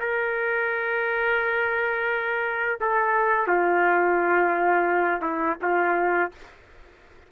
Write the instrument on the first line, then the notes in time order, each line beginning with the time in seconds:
trumpet
0.00 A#4
2.81 A4
3.48 F4
5.22 E4
5.62 F4